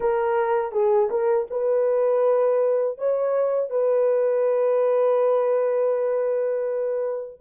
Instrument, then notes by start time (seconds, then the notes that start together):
horn
0.00 A#4
0.72 G#4
1.10 A#4
1.50 B4
2.98 C#5
3.69 B4